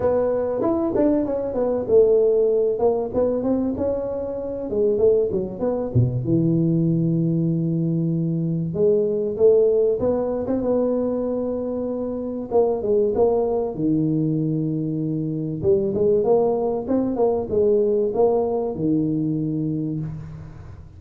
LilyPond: \new Staff \with { instrumentName = "tuba" } { \time 4/4 \tempo 4 = 96 b4 e'8 d'8 cis'8 b8 a4~ | a8 ais8 b8 c'8 cis'4. gis8 | a8 fis8 b8 b,8 e2~ | e2 gis4 a4 |
b8. c'16 b2. | ais8 gis8 ais4 dis2~ | dis4 g8 gis8 ais4 c'8 ais8 | gis4 ais4 dis2 | }